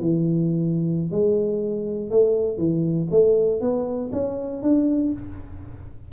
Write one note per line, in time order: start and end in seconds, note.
0.00 1.11 E3
1.11 2.10 G#3
2.10 2.58 A3
2.58 3.08 E3
3.10 3.60 A3
3.61 4.11 B3
4.12 4.62 C#4
4.62 5.12 D4